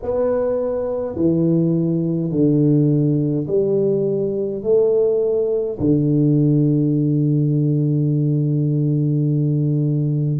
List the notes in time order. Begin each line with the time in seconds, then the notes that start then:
0.02 B3
1.15 E3
2.31 D3
3.47 G3
4.63 A3
5.78 D3